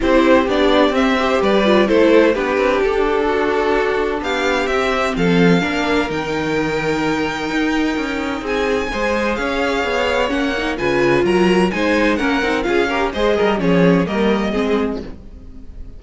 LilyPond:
<<
  \new Staff \with { instrumentName = "violin" } { \time 4/4 \tempo 4 = 128 c''4 d''4 e''4 d''4 | c''4 b'4 a'2~ | a'4 f''4 e''4 f''4~ | f''4 g''2.~ |
g''2 gis''2 | f''2 fis''4 gis''4 | ais''4 gis''4 fis''4 f''4 | dis''4 cis''4 dis''2 | }
  \new Staff \with { instrumentName = "violin" } { \time 4/4 g'2~ g'8 c''8 b'4 | a'4 g'2 fis'4~ | fis'4 g'2 a'4 | ais'1~ |
ais'2 gis'4 c''4 | cis''2. b'4 | ais'4 c''4 ais'4 gis'8 ais'8 | c''8 ais'8 gis'4 ais'4 gis'4 | }
  \new Staff \with { instrumentName = "viola" } { \time 4/4 e'4 d'4 c'8 g'4 f'8 | e'4 d'2.~ | d'2 c'2 | d'4 dis'2.~ |
dis'2. gis'4~ | gis'2 cis'8 dis'8 f'4~ | f'4 dis'4 cis'8 dis'8 f'8 g'8 | gis'4 cis'4 ais4 c'4 | }
  \new Staff \with { instrumentName = "cello" } { \time 4/4 c'4 b4 c'4 g4 | a4 b8 c'8 d'2~ | d'4 b4 c'4 f4 | ais4 dis2. |
dis'4 cis'4 c'4 gis4 | cis'4 b4 ais4 cis4 | fis4 gis4 ais8 c'8 cis'4 | gis8 g8 f4 g4 gis4 | }
>>